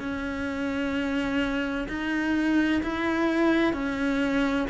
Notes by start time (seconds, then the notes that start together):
0.00 C#4
1.89 D#4
2.83 E4
3.73 C#4